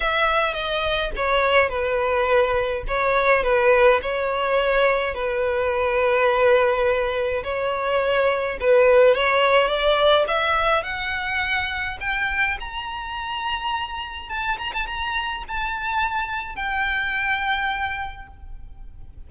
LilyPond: \new Staff \with { instrumentName = "violin" } { \time 4/4 \tempo 4 = 105 e''4 dis''4 cis''4 b'4~ | b'4 cis''4 b'4 cis''4~ | cis''4 b'2.~ | b'4 cis''2 b'4 |
cis''4 d''4 e''4 fis''4~ | fis''4 g''4 ais''2~ | ais''4 a''8 ais''16 a''16 ais''4 a''4~ | a''4 g''2. | }